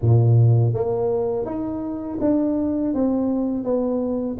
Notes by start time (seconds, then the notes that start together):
0.01 A#2
0.74 A#3
1.45 D#4
2.20 D4
2.94 C4
3.64 B3